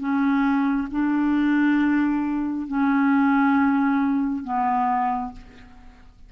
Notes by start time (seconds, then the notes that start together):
0.00 C#4
0.91 D4
2.68 C#4
4.44 B3